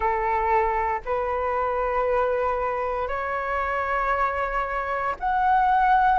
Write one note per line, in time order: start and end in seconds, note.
0.00 1.01 A4
1.05 3.08 B4
3.08 5.14 C#5
5.20 6.19 F#5